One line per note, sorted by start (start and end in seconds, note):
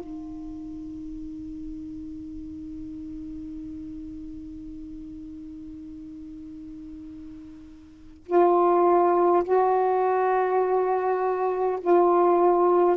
0.00 8.24 D#4
8.26 9.44 F4
9.44 11.79 F#4
11.81 12.97 F4